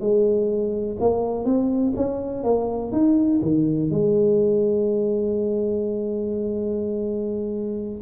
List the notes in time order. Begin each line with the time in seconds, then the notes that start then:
0.00 G#3
1.00 A#3
1.45 C4
1.96 C#4
2.44 A#3
2.92 D#4
3.42 D#3
3.90 G#3